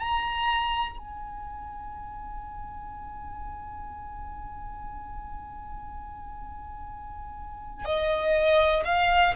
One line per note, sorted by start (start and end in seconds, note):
0.00 0.98 A#5
0.98 7.85 G#5
7.85 8.84 D#5
8.85 9.34 F5